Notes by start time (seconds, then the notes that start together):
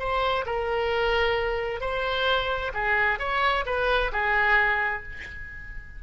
0.00 C5
0.46 A#4
1.81 C5
2.74 G#4
3.20 C#5
3.66 B4
4.13 G#4